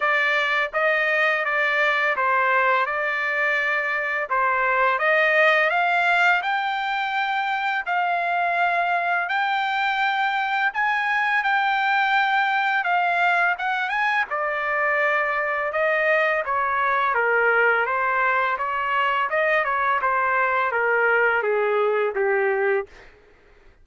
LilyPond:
\new Staff \with { instrumentName = "trumpet" } { \time 4/4 \tempo 4 = 84 d''4 dis''4 d''4 c''4 | d''2 c''4 dis''4 | f''4 g''2 f''4~ | f''4 g''2 gis''4 |
g''2 f''4 fis''8 gis''8 | d''2 dis''4 cis''4 | ais'4 c''4 cis''4 dis''8 cis''8 | c''4 ais'4 gis'4 g'4 | }